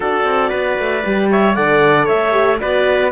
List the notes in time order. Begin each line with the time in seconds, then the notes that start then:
0.00 D4 F#4 A4 D5
0.24 C4
0.49 B3 B4
0.78 A3
1.04 G3 G4
1.30 C#5 E5
1.54 D3 A4 D5 F#5
2.05 A3 C#5 E5
2.31 G4
2.60 B3 F#4 B4 D5